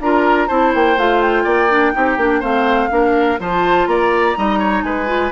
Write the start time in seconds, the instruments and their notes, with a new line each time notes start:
0.00 bassoon D4, clarinet F4, oboe A#4, flute A#5
0.48 bassoon C4, clarinet E4, oboe C5, flute A5
0.74 bassoon A#3, flute G5
0.97 bassoon A3, clarinet F4, flute F5
1.21 flute G5
1.44 bassoon A#3, oboe D5
1.69 clarinet D4
1.93 bassoon C4, clarinet D#4, oboe G4
2.17 bassoon A#3, clarinet D4
2.40 bassoon A3, clarinet C4, oboe C5, flute F5
2.90 bassoon A#3, clarinet D4, oboe A#4
3.39 bassoon F3, clarinet F4, oboe C5, flute A5
3.87 bassoon A#3, oboe D5, flute A#5
4.35 bassoon G3, clarinet D#4, oboe D#5
4.59 oboe C#5
4.82 bassoon G#3, oboe B4, flute G#5
5.06 clarinet F4